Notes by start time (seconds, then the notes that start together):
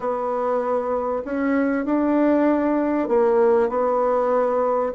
0.00 B3
1.25 C#4
1.85 D4
3.08 A#3
3.69 B3